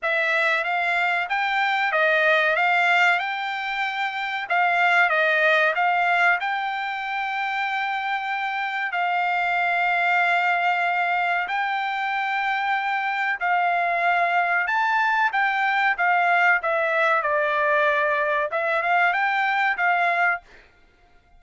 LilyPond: \new Staff \with { instrumentName = "trumpet" } { \time 4/4 \tempo 4 = 94 e''4 f''4 g''4 dis''4 | f''4 g''2 f''4 | dis''4 f''4 g''2~ | g''2 f''2~ |
f''2 g''2~ | g''4 f''2 a''4 | g''4 f''4 e''4 d''4~ | d''4 e''8 f''8 g''4 f''4 | }